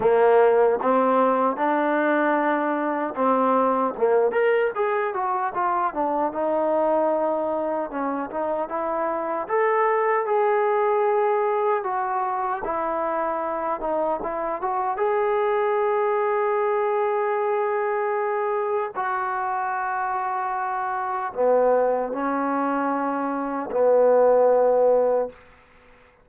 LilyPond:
\new Staff \with { instrumentName = "trombone" } { \time 4/4 \tempo 4 = 76 ais4 c'4 d'2 | c'4 ais8 ais'8 gis'8 fis'8 f'8 d'8 | dis'2 cis'8 dis'8 e'4 | a'4 gis'2 fis'4 |
e'4. dis'8 e'8 fis'8 gis'4~ | gis'1 | fis'2. b4 | cis'2 b2 | }